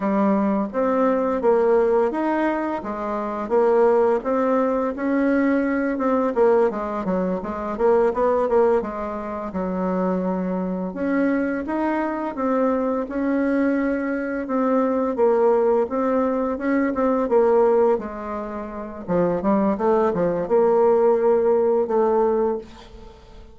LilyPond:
\new Staff \with { instrumentName = "bassoon" } { \time 4/4 \tempo 4 = 85 g4 c'4 ais4 dis'4 | gis4 ais4 c'4 cis'4~ | cis'8 c'8 ais8 gis8 fis8 gis8 ais8 b8 | ais8 gis4 fis2 cis'8~ |
cis'8 dis'4 c'4 cis'4.~ | cis'8 c'4 ais4 c'4 cis'8 | c'8 ais4 gis4. f8 g8 | a8 f8 ais2 a4 | }